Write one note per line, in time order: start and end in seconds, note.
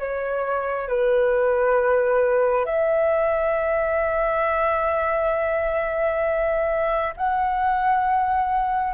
0.00 0.89 C#5
0.89 2.66 B4
2.66 7.14 E5
7.17 8.94 F#5